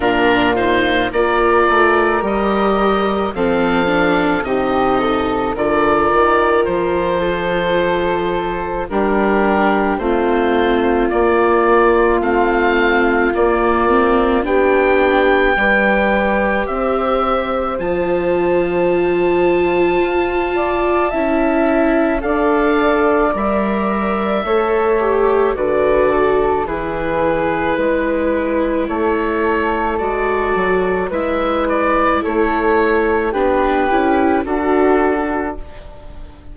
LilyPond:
<<
  \new Staff \with { instrumentName = "oboe" } { \time 4/4 \tempo 4 = 54 ais'8 c''8 d''4 dis''4 f''4 | dis''4 d''4 c''2 | ais'4 c''4 d''4 f''4 | d''4 g''2 e''4 |
a''1 | f''4 e''2 d''4 | b'2 cis''4 d''4 | e''8 d''8 cis''4 b'4 a'4 | }
  \new Staff \with { instrumentName = "flute" } { \time 4/4 f'4 ais'2 a'4 | g'8 a'8 ais'4. a'4. | g'4 f'2.~ | f'4 g'4 b'4 c''4~ |
c''2~ c''8 d''8 e''4 | d''2 cis''4 b'8 a'8 | gis'4 b'4 a'2 | b'4 a'4 g'4 fis'4 | }
  \new Staff \with { instrumentName = "viola" } { \time 4/4 d'8 dis'8 f'4 g'4 c'8 d'8 | dis'4 f'2. | d'4 c'4 ais4 c'4 | ais8 c'8 d'4 g'2 |
f'2. e'4 | a'4 ais'4 a'8 g'8 fis'4 | e'2. fis'4 | e'2 d'8 e'8 fis'4 | }
  \new Staff \with { instrumentName = "bassoon" } { \time 4/4 ais,4 ais8 a8 g4 f4 | c4 d8 dis8 f2 | g4 a4 ais4 a4 | ais4 b4 g4 c'4 |
f2 f'4 cis'4 | d'4 g4 a4 d4 | e4 gis4 a4 gis8 fis8 | gis4 a4 b8 cis'8 d'4 | }
>>